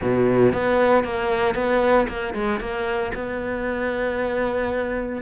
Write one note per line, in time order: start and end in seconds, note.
0.01 0.52 B2
0.52 1.03 B3
1.03 1.55 A#3
1.55 2.07 B3
2.08 2.34 A#3
2.34 2.59 G#3
2.59 3.12 A#3
3.14 5.22 B3